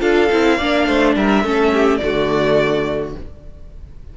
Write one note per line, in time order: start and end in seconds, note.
0.00 0.29 D4
0.00 0.28 F4
0.00 0.57 A4
0.00 1.14 F5
0.31 0.60 C4
0.31 0.60 E4
0.57 0.88 A#3
0.57 1.44 D4
0.57 0.85 D5
0.87 1.16 A3
0.87 1.15 C5
1.16 1.43 G3
1.16 1.44 A#4
1.16 1.97 E5
1.43 2.00 A3
1.43 2.01 C#4
1.43 1.72 A4
1.72 2.01 G4
1.97 3.15 D3
1.97 3.14 A3
1.97 3.10 D5
2.04 3.17 F#4